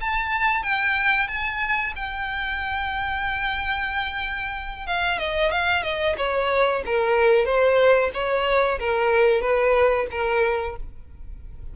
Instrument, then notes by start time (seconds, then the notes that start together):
violin
0.00 A5
0.63 G5
1.27 A5
1.95 G5
4.86 F5
5.18 D#5
5.51 F5
5.83 D#5
6.17 C#5
6.85 A#4
7.45 C5
8.13 C#5
8.79 A#4
9.41 B4
10.11 A#4